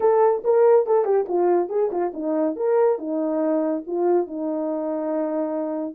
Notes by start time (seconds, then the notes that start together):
0.00 A4
0.44 A#4
0.86 A4
1.04 G4
1.28 F4
1.69 G#4
1.91 F4
2.13 D#4
2.56 A#4
2.98 D#4
3.86 F4
4.27 D#4